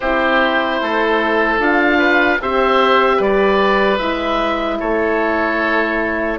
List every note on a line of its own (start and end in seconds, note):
0.00 0.81 C4
0.00 1.59 E4
0.00 0.80 G4
0.00 1.59 C5
0.81 1.59 A3
0.81 1.98 A4
1.59 2.39 D4
1.59 2.39 F4
1.59 2.42 F5
1.98 2.38 B4
2.41 3.19 C4
2.41 3.99 G4
2.41 3.17 C5
2.41 3.22 E5
3.17 3.99 G3
3.17 4.77 B4
3.17 3.98 D5
3.98 4.79 G#3
3.98 6.39 E4
3.98 4.78 E5
4.79 6.39 A3
4.79 6.39 A4
4.79 6.39 C#5